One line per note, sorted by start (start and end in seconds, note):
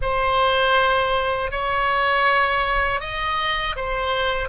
0.01 1.51 C5
1.51 3.00 C#5
3.00 3.75 D#5
3.75 4.48 C5